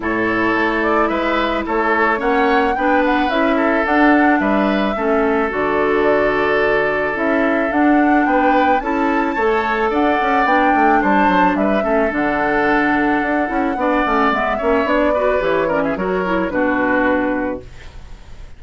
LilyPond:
<<
  \new Staff \with { instrumentName = "flute" } { \time 4/4 \tempo 4 = 109 cis''4. d''8 e''4 cis''4 | fis''4 g''8 fis''8 e''4 fis''4 | e''2 d''2~ | d''4 e''4 fis''4 g''4 |
a''2 fis''4 g''4 | a''4 e''4 fis''2~ | fis''2 e''4 d''4 | cis''8 d''16 e''16 cis''4 b'2 | }
  \new Staff \with { instrumentName = "oboe" } { \time 4/4 a'2 b'4 a'4 | cis''4 b'4. a'4. | b'4 a'2.~ | a'2. b'4 |
a'4 cis''4 d''2 | c''4 b'8 a'2~ a'8~ | a'4 d''4. cis''4 b'8~ | b'8 ais'16 gis'16 ais'4 fis'2 | }
  \new Staff \with { instrumentName = "clarinet" } { \time 4/4 e'1 | cis'4 d'4 e'4 d'4~ | d'4 cis'4 fis'2~ | fis'4 e'4 d'2 |
e'4 a'2 d'4~ | d'4. cis'8 d'2~ | d'8 e'8 d'8 cis'8 b8 cis'8 d'8 fis'8 | g'8 cis'8 fis'8 e'8 d'2 | }
  \new Staff \with { instrumentName = "bassoon" } { \time 4/4 a,4 a4 gis4 a4 | ais4 b4 cis'4 d'4 | g4 a4 d2~ | d4 cis'4 d'4 b4 |
cis'4 a4 d'8 cis'8 b8 a8 | g8 fis8 g8 a8 d2 | d'8 cis'8 b8 a8 gis8 ais8 b4 | e4 fis4 b,2 | }
>>